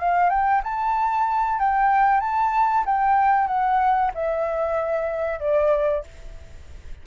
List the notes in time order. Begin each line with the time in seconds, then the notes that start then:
0.00 F5
0.30 G5
0.64 A5
1.59 G5
2.21 A5
2.86 G5
3.48 F#5
4.15 E5
5.40 D5